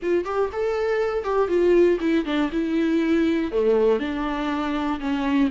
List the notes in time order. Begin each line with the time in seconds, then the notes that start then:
0.02 F4
0.25 G4
0.52 A4
1.24 G4
1.48 F4
2.00 E4
2.25 D4
2.52 E4
3.51 A3
3.99 D4
5.00 C#4